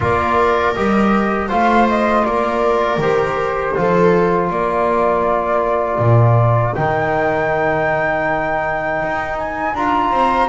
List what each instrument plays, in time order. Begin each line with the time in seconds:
0.00 double bass A#3, trombone F4, viola A#4, flute D5
0.74 double bass G3, trombone G4, flute D#5
1.48 double bass A3, trombone F4, viola C5, flute F5
1.88 flute D#5
2.25 double bass A#3, viola A#4, flute D5
2.97 double bass D#3, trombone G4, flute C5
3.75 double bass F3, trombone F4, viola A4
4.50 double bass A#3, viola A#4, flute D5
5.98 double bass A#2
6.74 double bass D#3, trombone D#4, flute G5
9.02 double bass D#4
9.38 flute G#5
9.74 double bass D4, trombone F4, flute A#5
10.10 double bass C4, viola C5